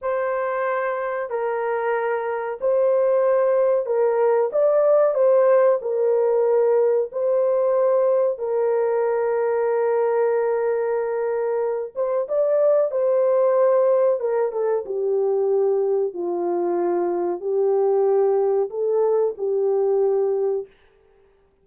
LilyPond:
\new Staff \with { instrumentName = "horn" } { \time 4/4 \tempo 4 = 93 c''2 ais'2 | c''2 ais'4 d''4 | c''4 ais'2 c''4~ | c''4 ais'2.~ |
ais'2~ ais'8 c''8 d''4 | c''2 ais'8 a'8 g'4~ | g'4 f'2 g'4~ | g'4 a'4 g'2 | }